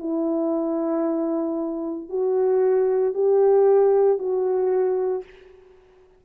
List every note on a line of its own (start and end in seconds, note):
0.00 2.10 E4
2.10 3.14 F#4
3.14 4.19 G4
4.19 5.24 F#4